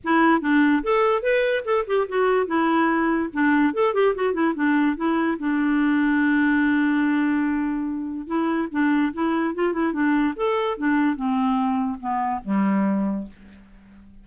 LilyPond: \new Staff \with { instrumentName = "clarinet" } { \time 4/4 \tempo 4 = 145 e'4 d'4 a'4 b'4 | a'8 g'8 fis'4 e'2 | d'4 a'8 g'8 fis'8 e'8 d'4 | e'4 d'2.~ |
d'1 | e'4 d'4 e'4 f'8 e'8 | d'4 a'4 d'4 c'4~ | c'4 b4 g2 | }